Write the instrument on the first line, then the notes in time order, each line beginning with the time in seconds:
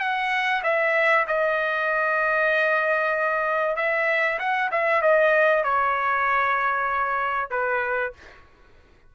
trumpet
0.00 F#5
0.64 E5
1.28 D#5
3.76 E5
4.39 F#5
4.72 E5
5.02 D#5
5.64 C#5
7.51 B4